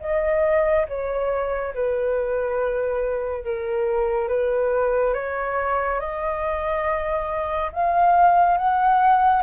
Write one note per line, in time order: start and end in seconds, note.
0.00 0.86 D#5
0.88 1.73 C#5
1.74 3.44 B4
3.44 4.28 A#4
4.28 5.14 B4
5.14 5.99 C#5
5.99 7.71 D#5
7.72 8.57 F5
8.57 9.42 F#5